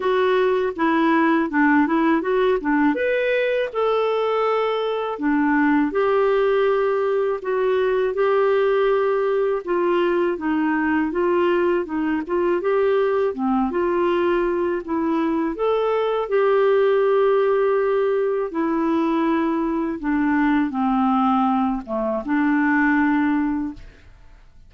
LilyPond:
\new Staff \with { instrumentName = "clarinet" } { \time 4/4 \tempo 4 = 81 fis'4 e'4 d'8 e'8 fis'8 d'8 | b'4 a'2 d'4 | g'2 fis'4 g'4~ | g'4 f'4 dis'4 f'4 |
dis'8 f'8 g'4 c'8 f'4. | e'4 a'4 g'2~ | g'4 e'2 d'4 | c'4. a8 d'2 | }